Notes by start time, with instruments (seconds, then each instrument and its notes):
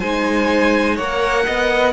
0.00 cello G#3, viola D#4, violin C5 G#5
0.96 cello A#3, viola A#4, violin C#5 F#5
1.46 cello B3, violin D#5